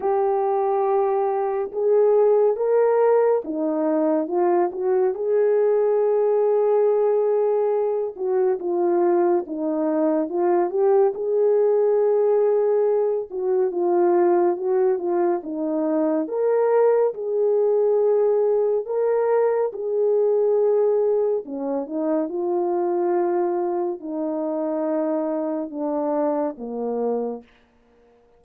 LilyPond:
\new Staff \with { instrumentName = "horn" } { \time 4/4 \tempo 4 = 70 g'2 gis'4 ais'4 | dis'4 f'8 fis'8 gis'2~ | gis'4. fis'8 f'4 dis'4 | f'8 g'8 gis'2~ gis'8 fis'8 |
f'4 fis'8 f'8 dis'4 ais'4 | gis'2 ais'4 gis'4~ | gis'4 cis'8 dis'8 f'2 | dis'2 d'4 ais4 | }